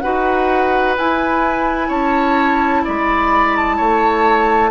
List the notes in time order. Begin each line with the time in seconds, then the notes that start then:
0.00 D#4 F#4 B4 F#5
0.98 E4 G#5
1.88 C#4 C#5 A5
2.85 G#3 D5 B5
3.57 A5
3.77 A3 C#5